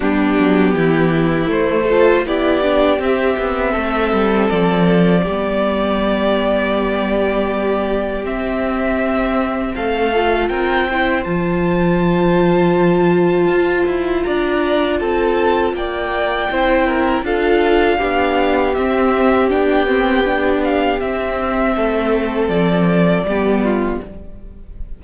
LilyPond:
<<
  \new Staff \with { instrumentName = "violin" } { \time 4/4 \tempo 4 = 80 g'2 c''4 d''4 | e''2 d''2~ | d''2. e''4~ | e''4 f''4 g''4 a''4~ |
a''2. ais''4 | a''4 g''2 f''4~ | f''4 e''4 g''4. f''8 | e''2 d''2 | }
  \new Staff \with { instrumentName = "violin" } { \time 4/4 d'4 e'4. a'8 g'4~ | g'4 a'2 g'4~ | g'1~ | g'4 a'4 ais'8 c''4.~ |
c''2. d''4 | a'4 d''4 c''8 ais'8 a'4 | g'1~ | g'4 a'2 g'8 f'8 | }
  \new Staff \with { instrumentName = "viola" } { \time 4/4 b2 a8 f'8 e'8 d'8 | c'2. b4~ | b2. c'4~ | c'4. f'4 e'8 f'4~ |
f'1~ | f'2 e'4 f'4 | d'4 c'4 d'8 c'8 d'4 | c'2. b4 | }
  \new Staff \with { instrumentName = "cello" } { \time 4/4 g8 fis8 e4 a4 b4 | c'8 b8 a8 g8 f4 g4~ | g2. c'4~ | c'4 a4 c'4 f4~ |
f2 f'8 e'8 d'4 | c'4 ais4 c'4 d'4 | b4 c'4 b2 | c'4 a4 f4 g4 | }
>>